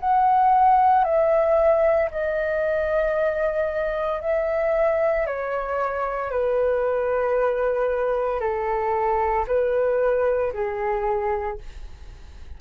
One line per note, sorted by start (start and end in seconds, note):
0.00 1.04 F#5
1.04 2.10 E5
2.11 4.21 D#5
4.21 5.26 E5
5.26 6.31 C#5
6.31 8.40 B4
8.40 9.45 A4
9.47 10.53 B4
10.53 11.58 G#4